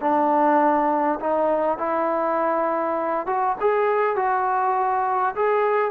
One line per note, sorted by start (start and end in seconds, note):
0.00 1.19 D4
1.20 1.78 D#4
1.78 3.26 E4
3.26 3.56 F#4
3.60 4.16 G#4
4.16 5.34 F#4
5.35 5.91 G#4